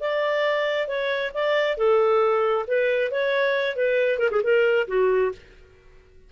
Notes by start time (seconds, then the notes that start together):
0.00 D5
0.87 C#5
1.34 D5
1.77 A4
2.67 B4
3.11 C#5
3.76 B4
4.19 A#4
4.31 G#4
4.43 A#4
4.88 F#4